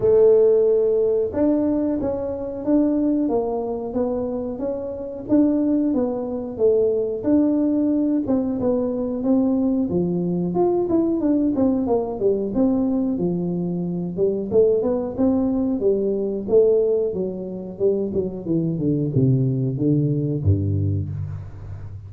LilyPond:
\new Staff \with { instrumentName = "tuba" } { \time 4/4 \tempo 4 = 91 a2 d'4 cis'4 | d'4 ais4 b4 cis'4 | d'4 b4 a4 d'4~ | d'8 c'8 b4 c'4 f4 |
f'8 e'8 d'8 c'8 ais8 g8 c'4 | f4. g8 a8 b8 c'4 | g4 a4 fis4 g8 fis8 | e8 d8 c4 d4 g,4 | }